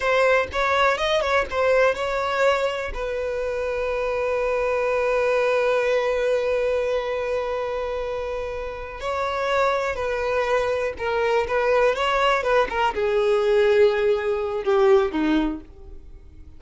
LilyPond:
\new Staff \with { instrumentName = "violin" } { \time 4/4 \tempo 4 = 123 c''4 cis''4 dis''8 cis''8 c''4 | cis''2 b'2~ | b'1~ | b'1~ |
b'2~ b'8 cis''4.~ | cis''8 b'2 ais'4 b'8~ | b'8 cis''4 b'8 ais'8 gis'4.~ | gis'2 g'4 dis'4 | }